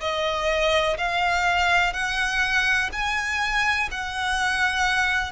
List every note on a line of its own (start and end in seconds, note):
0.00 0.97 D#5
0.97 1.93 F5
1.93 2.89 F#5
2.92 3.89 G#5
3.91 5.32 F#5